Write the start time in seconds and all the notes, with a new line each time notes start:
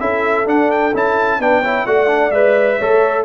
0.00 C#4 E4 A4 E5
0.46 D4 F#5
0.71 G5
0.94 C#4 E4 A5
1.39 B3 D4 B4 G5
1.60 E4 C#5
1.86 A3 F#4 D5 F#5
2.07 D4
2.31 G#3 B4 E5
2.77 A3 A4 C#5